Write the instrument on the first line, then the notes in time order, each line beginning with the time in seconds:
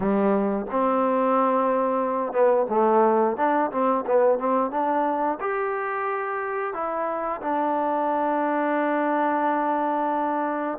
trombone
0.00 G3
0.70 C4
2.32 B3
2.69 A3
3.36 D4
3.71 C4
4.06 B3
4.38 C4
4.70 D4
5.40 G4
6.73 E4
7.41 D4